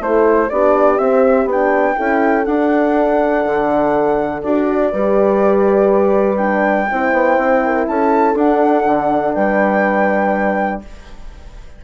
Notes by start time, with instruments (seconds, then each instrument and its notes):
0.00 bassoon A3, horn E4 A4, flute C5
0.49 bassoon B3, horn D4 G4, flute D5
0.98 bassoon C4, horn C4, flute E5
1.45 bassoon B3, horn D4
1.51 flute G5
1.95 bassoon C#4, horn E4 A4
2.45 bassoon D4, horn D4, flute F#5
3.45 bassoon D3
4.42 bassoon D4, horn F#4, flute D5
4.90 bassoon G3, horn G4 B4
6.37 horn D4, flute G5
6.90 bassoon C4, horn E4 C5
7.12 bassoon B3
7.37 bassoon C4
7.65 horn A#4
7.87 bassoon C#4, horn A4, flute A5
8.34 bassoon D4, horn D4, flute F#5
8.85 bassoon D3
9.34 bassoon G3, horn B4, flute G5